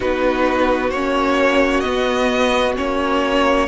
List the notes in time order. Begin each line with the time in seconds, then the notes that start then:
0.00 B3 D#4 F#4 B4
0.90 A#3 C#4 C#5
1.80 B3 D#5
2.76 A#3 C#4 C#5